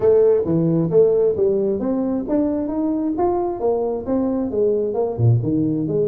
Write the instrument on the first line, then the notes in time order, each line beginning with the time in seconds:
tuba
0.00 A3
0.45 E3
0.90 A3
1.36 G3
1.79 C4
2.28 D4
2.68 D#4
3.17 F4
3.60 A#3
4.05 C4
4.50 G#3
4.94 A#3
5.17 A#2
5.42 D#3
5.87 G#3